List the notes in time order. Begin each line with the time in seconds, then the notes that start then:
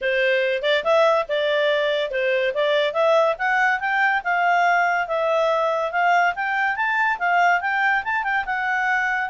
0.01 C5
0.62 D5
0.84 E5
1.28 D5
2.10 C5
2.54 D5
2.93 E5
3.38 F#5
3.80 G5
4.23 F5
5.07 E5
5.91 F5
6.35 G5
6.75 A5
7.18 F5
7.61 G5
8.04 A5
8.23 G5
8.45 F#5